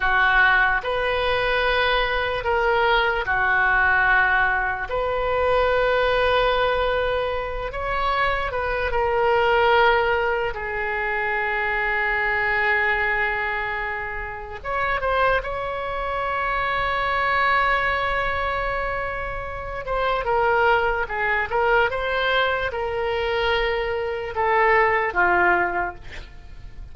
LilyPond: \new Staff \with { instrumentName = "oboe" } { \time 4/4 \tempo 4 = 74 fis'4 b'2 ais'4 | fis'2 b'2~ | b'4. cis''4 b'8 ais'4~ | ais'4 gis'2.~ |
gis'2 cis''8 c''8 cis''4~ | cis''1~ | cis''8 c''8 ais'4 gis'8 ais'8 c''4 | ais'2 a'4 f'4 | }